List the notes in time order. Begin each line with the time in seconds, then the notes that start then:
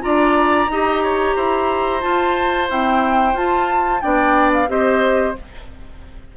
0.00 D4 F4 D5 A#5
0.69 D#4 G4 D#5
1.03 C#5
1.36 E4 C5
2.01 F4 A5
2.69 C4 E4 G5
3.34 F4 A5
4.01 B3 D4 D5 G5
4.53 F5
4.68 C4 G4 C5 D#5